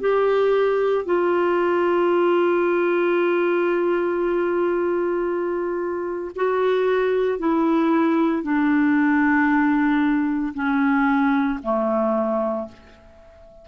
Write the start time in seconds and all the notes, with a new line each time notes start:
0.00 G4
1.05 F4
6.35 F#4
7.38 E4
8.43 D4
10.54 C#4
11.63 A3